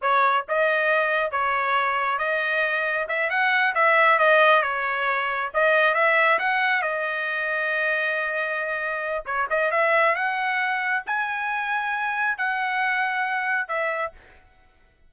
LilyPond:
\new Staff \with { instrumentName = "trumpet" } { \time 4/4 \tempo 4 = 136 cis''4 dis''2 cis''4~ | cis''4 dis''2 e''8 fis''8~ | fis''8 e''4 dis''4 cis''4.~ | cis''8 dis''4 e''4 fis''4 dis''8~ |
dis''1~ | dis''4 cis''8 dis''8 e''4 fis''4~ | fis''4 gis''2. | fis''2. e''4 | }